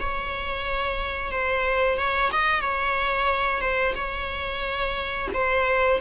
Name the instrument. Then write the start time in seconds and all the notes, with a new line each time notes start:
viola
0.00 C#5
1.32 C5
1.98 C#5
2.32 D#5
2.61 C#5
3.61 C5
3.95 C#5
5.34 C5